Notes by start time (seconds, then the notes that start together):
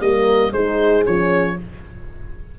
0.00 G3 A#3 A#4 D#5
0.51 G#3 D#4 G#4 C5
1.05 F3 C#4 C#5